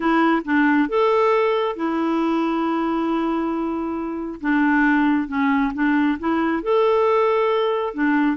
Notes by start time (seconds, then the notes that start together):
0.00 E4
0.44 D4
0.88 A4
1.75 E4
4.40 D4
5.28 C#4
5.74 D4
6.19 E4
6.63 A4
7.94 D4